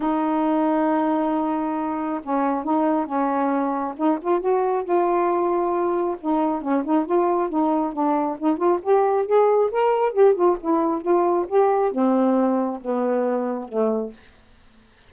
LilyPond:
\new Staff \with { instrumentName = "saxophone" } { \time 4/4 \tempo 4 = 136 dis'1~ | dis'4 cis'4 dis'4 cis'4~ | cis'4 dis'8 f'8 fis'4 f'4~ | f'2 dis'4 cis'8 dis'8 |
f'4 dis'4 d'4 dis'8 f'8 | g'4 gis'4 ais'4 g'8 f'8 | e'4 f'4 g'4 c'4~ | c'4 b2 a4 | }